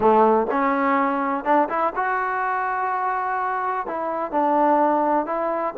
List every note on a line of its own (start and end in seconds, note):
0.00 0.47 A3
0.50 1.44 C#4
1.44 1.68 D4
1.69 1.93 E4
1.95 3.86 F#4
3.86 4.31 E4
4.31 5.26 D4
5.26 5.74 E4